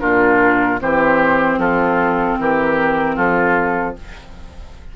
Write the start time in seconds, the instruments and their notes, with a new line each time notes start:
0.00 bassoon A#2, clarinet D4, oboe F4, flute A#4
0.80 bassoon E3, clarinet C4, oboe G4, flute C5
1.58 bassoon F3, oboe F4, flute A4
2.39 bassoon E3, oboe G4, flute A#4
3.16 bassoon F3, oboe F4, flute A4